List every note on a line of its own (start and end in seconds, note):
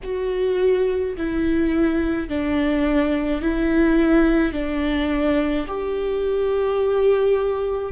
0.03 1.16 F#4
1.16 2.28 E4
2.28 3.41 D4
3.41 4.53 E4
4.53 5.66 D4
5.67 7.92 G4